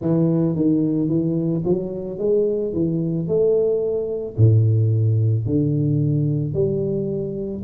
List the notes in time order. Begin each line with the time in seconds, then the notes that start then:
0.01 E3
0.55 D#3
1.09 E3
1.64 F#3
2.18 G#3
2.73 E3
3.27 A3
4.36 A2
5.45 D3
6.54 G3